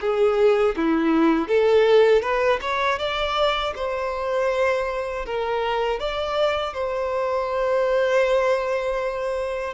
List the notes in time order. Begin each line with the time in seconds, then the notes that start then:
0.00 G#4
0.76 E4
1.48 A4
2.22 B4
2.61 C#5
2.98 D5
3.75 C5
5.25 A#4
5.99 D5
6.73 C5